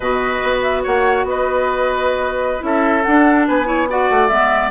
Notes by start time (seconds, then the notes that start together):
0.00 B2 F#4 B4 D#5
0.43 B3
0.62 E5
0.83 A#3 C#5 F#5
1.24 B3 B4 D#5
2.59 C#4 E4 A4 E5
3.03 D4 F#5
3.47 B3 B4 G#5
3.65 E4 C#5
3.89 F#4 D5 F#5
4.09 A3
4.27 G#3 B3 E5